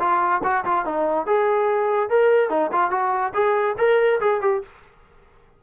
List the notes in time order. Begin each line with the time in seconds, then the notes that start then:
0.00 F4
0.44 F#4
0.65 F4
0.86 D#4
1.27 G#4
2.10 A#4
2.50 D#4
2.73 F4
2.91 F#4
3.35 G#4
3.79 A#4
4.21 G#4
4.42 G4